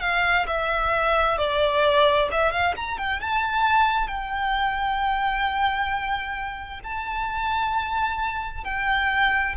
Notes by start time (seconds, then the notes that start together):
0.00 F5
0.47 E5
1.38 D5
2.31 E5
2.51 F5
2.76 A#5
2.98 G5
3.21 A5
4.07 G5
6.83 A5
8.64 G5